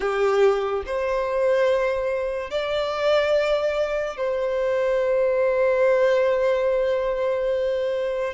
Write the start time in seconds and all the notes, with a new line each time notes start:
0.00 G4
0.86 C5
2.50 D5
4.17 C5